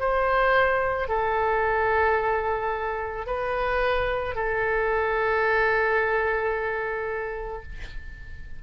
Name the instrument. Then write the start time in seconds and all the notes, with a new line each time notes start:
oboe
0.00 C5
1.09 A4
3.27 B4
4.35 A4